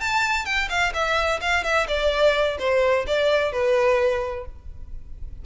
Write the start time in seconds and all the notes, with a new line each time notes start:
0.00 A5
0.45 G5
0.69 F5
0.93 E5
1.41 F5
1.64 E5
1.88 D5
2.59 C5
3.07 D5
3.52 B4